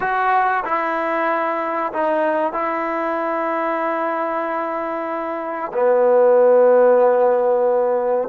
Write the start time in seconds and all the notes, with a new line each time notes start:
0.00 F#4
0.64 E4
1.93 D#4
2.52 E4
5.73 B3